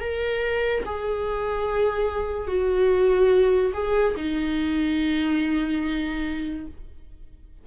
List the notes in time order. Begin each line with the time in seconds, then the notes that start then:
0.00 A#4
0.85 G#4
2.47 F#4
3.73 G#4
4.17 D#4